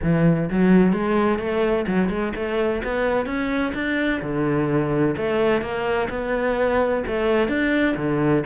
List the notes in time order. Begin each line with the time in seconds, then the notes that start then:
0.02 E3
0.49 F#3
0.92 G#3
1.38 A3
1.87 F#3
2.09 G#3
2.35 A3
2.83 B3
3.26 C#4
3.74 D4
4.21 D3
5.17 A3
5.61 A#3
6.09 B3
7.07 A3
7.48 D4
7.96 D3